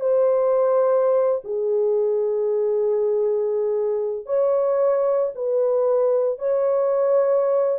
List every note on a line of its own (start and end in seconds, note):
0.00 1.41 C5
1.44 4.26 G#4
4.26 5.32 C#5
5.35 6.39 B4
6.39 7.79 C#5